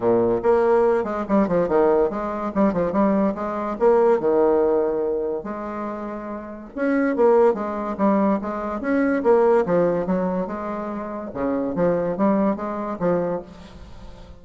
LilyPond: \new Staff \with { instrumentName = "bassoon" } { \time 4/4 \tempo 4 = 143 ais,4 ais4. gis8 g8 f8 | dis4 gis4 g8 f8 g4 | gis4 ais4 dis2~ | dis4 gis2. |
cis'4 ais4 gis4 g4 | gis4 cis'4 ais4 f4 | fis4 gis2 cis4 | f4 g4 gis4 f4 | }